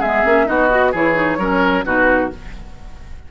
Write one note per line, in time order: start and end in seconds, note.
0.00 0.23 G#3
0.00 0.26 B3
0.00 0.46 G#4
0.00 0.48 E5
0.25 0.48 A#3
0.25 0.46 C#4
0.46 0.94 B3
0.46 0.69 D#4
0.46 0.92 F#4
0.46 0.93 D#5
0.70 0.93 F#4
0.92 1.38 E3
0.92 1.14 E4
0.92 1.38 G#4
0.92 1.85 C#5
1.14 1.37 D#4
1.38 1.84 F#3
1.38 1.85 C#4
1.38 1.85 A#4
1.85 2.31 B2
1.85 2.31 D#4
1.85 2.31 F#4
1.85 2.31 B4